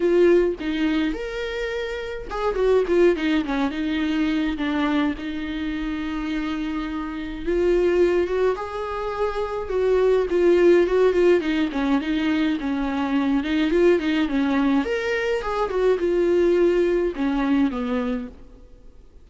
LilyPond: \new Staff \with { instrumentName = "viola" } { \time 4/4 \tempo 4 = 105 f'4 dis'4 ais'2 | gis'8 fis'8 f'8 dis'8 cis'8 dis'4. | d'4 dis'2.~ | dis'4 f'4. fis'8 gis'4~ |
gis'4 fis'4 f'4 fis'8 f'8 | dis'8 cis'8 dis'4 cis'4. dis'8 | f'8 dis'8 cis'4 ais'4 gis'8 fis'8 | f'2 cis'4 b4 | }